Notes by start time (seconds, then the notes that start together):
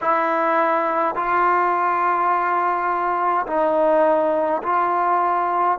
0.01 E4
1.15 F4
3.46 D#4
4.63 F4